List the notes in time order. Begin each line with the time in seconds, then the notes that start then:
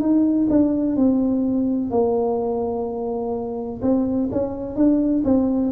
0.00 D#4
0.50 D4
0.96 C4
1.90 A#3
3.82 C4
4.32 C#4
4.76 D4
5.25 C4